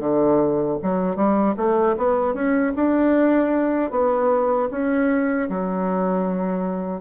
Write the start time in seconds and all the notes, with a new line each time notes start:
0.00 D3
0.83 F#3
1.17 G3
1.57 A3
1.98 B3
2.34 C#4
2.76 D4
3.91 B3
4.71 C#4
5.50 F#3